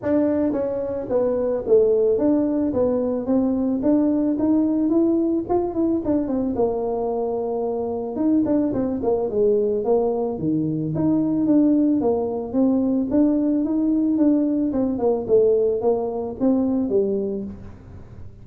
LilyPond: \new Staff \with { instrumentName = "tuba" } { \time 4/4 \tempo 4 = 110 d'4 cis'4 b4 a4 | d'4 b4 c'4 d'4 | dis'4 e'4 f'8 e'8 d'8 c'8 | ais2. dis'8 d'8 |
c'8 ais8 gis4 ais4 dis4 | dis'4 d'4 ais4 c'4 | d'4 dis'4 d'4 c'8 ais8 | a4 ais4 c'4 g4 | }